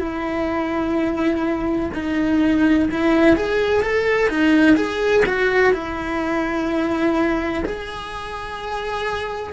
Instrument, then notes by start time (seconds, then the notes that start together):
cello
0.00 E4
1.94 D#4
2.91 E4
3.36 G#4
3.83 A4
4.29 D#4
4.77 G#4
5.26 F#4
5.73 E4
7.65 G#4